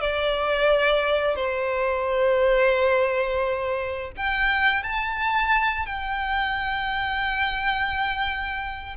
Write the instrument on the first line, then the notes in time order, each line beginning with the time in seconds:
violin
0.00 D5
1.35 C5
4.17 G5
4.83 A5
5.86 G5